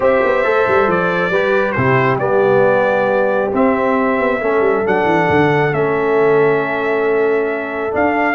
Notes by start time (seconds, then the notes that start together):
0.00 C4 G4 C5 E5
0.23 B3
0.43 A3 A4
0.67 G3
0.87 F3 D5
1.30 G3 G4 B4
1.72 C3 E4 G4 C5
2.17 G3 B3 D5
3.52 C4 E5
4.19 B3
4.40 A3 C#4 A4
4.60 G3
4.85 F#3 D4 F#5
5.05 E3
5.29 D3
5.72 A3 C#4 E5
7.91 D4 F5